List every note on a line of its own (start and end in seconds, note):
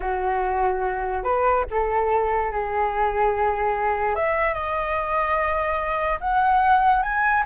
0.00 1.23 F#4
1.23 1.64 B4
1.70 2.51 A4
2.51 4.15 G#4
4.15 4.53 E5
4.53 6.19 D#5
6.20 7.02 F#5
7.02 7.43 G#5